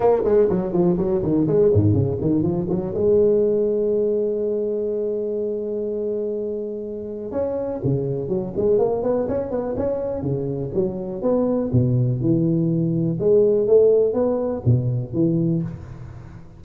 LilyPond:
\new Staff \with { instrumentName = "tuba" } { \time 4/4 \tempo 4 = 123 ais8 gis8 fis8 f8 fis8 dis8 gis8 gis,8 | cis8 dis8 f8 fis8 gis2~ | gis1~ | gis2. cis'4 |
cis4 fis8 gis8 ais8 b8 cis'8 b8 | cis'4 cis4 fis4 b4 | b,4 e2 gis4 | a4 b4 b,4 e4 | }